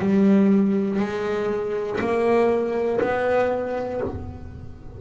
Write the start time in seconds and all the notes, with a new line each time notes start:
0.00 G3
1.00 G#3
2.00 A#3
3.01 B3